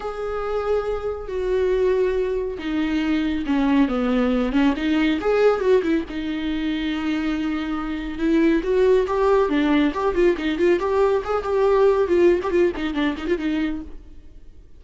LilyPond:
\new Staff \with { instrumentName = "viola" } { \time 4/4 \tempo 4 = 139 gis'2. fis'4~ | fis'2 dis'2 | cis'4 b4. cis'8 dis'4 | gis'4 fis'8 e'8 dis'2~ |
dis'2. e'4 | fis'4 g'4 d'4 g'8 f'8 | dis'8 f'8 g'4 gis'8 g'4. | f'8. g'16 f'8 dis'8 d'8 dis'16 f'16 dis'4 | }